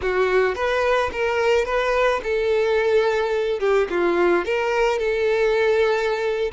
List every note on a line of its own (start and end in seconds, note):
0.01 0.55 F#4
0.55 1.10 B4
1.12 1.65 A#4
1.65 2.20 B4
2.23 3.59 A4
3.59 3.87 G4
3.90 4.45 F4
4.45 4.98 A#4
4.98 6.51 A4